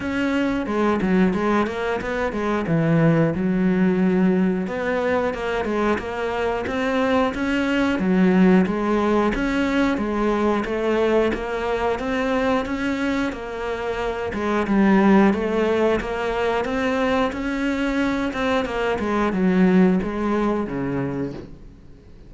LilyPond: \new Staff \with { instrumentName = "cello" } { \time 4/4 \tempo 4 = 90 cis'4 gis8 fis8 gis8 ais8 b8 gis8 | e4 fis2 b4 | ais8 gis8 ais4 c'4 cis'4 | fis4 gis4 cis'4 gis4 |
a4 ais4 c'4 cis'4 | ais4. gis8 g4 a4 | ais4 c'4 cis'4. c'8 | ais8 gis8 fis4 gis4 cis4 | }